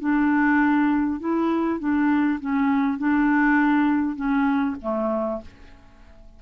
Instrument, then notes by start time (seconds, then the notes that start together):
clarinet
0.00 D4
1.20 E4
1.80 D4
2.40 C#4
2.99 D4
4.16 C#4
4.82 A3